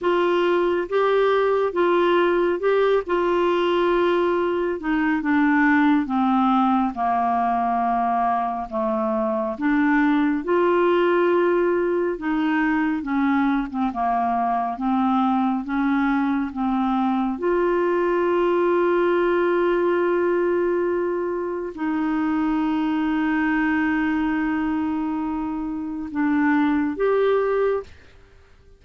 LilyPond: \new Staff \with { instrumentName = "clarinet" } { \time 4/4 \tempo 4 = 69 f'4 g'4 f'4 g'8 f'8~ | f'4. dis'8 d'4 c'4 | ais2 a4 d'4 | f'2 dis'4 cis'8. c'16 |
ais4 c'4 cis'4 c'4 | f'1~ | f'4 dis'2.~ | dis'2 d'4 g'4 | }